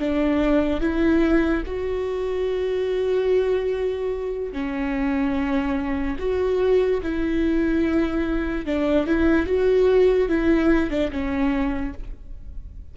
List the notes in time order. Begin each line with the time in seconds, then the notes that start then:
0.00 D4
0.81 E4
1.67 F#4
4.53 C#4
6.19 F#4
7.03 E4
8.66 D4
9.07 E4
9.47 F#4
10.29 E4
10.91 D4
11.12 C#4